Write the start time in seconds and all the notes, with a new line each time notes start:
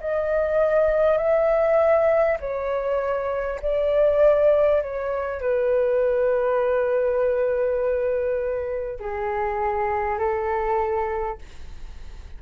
0.00 D#5
1.17 E5
2.39 C#5
3.62 D5
4.82 C#5
5.41 B4
8.99 G#4
10.18 A4